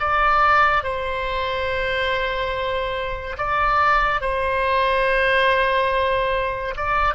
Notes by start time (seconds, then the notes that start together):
0.00 D5
0.84 C5
3.38 D5
4.21 C5
6.77 D5